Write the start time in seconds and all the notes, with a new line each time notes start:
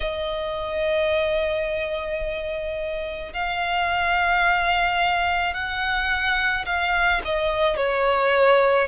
0.00 D#5
3.33 F5
5.54 F#5
6.65 F5
7.24 D#5
7.76 C#5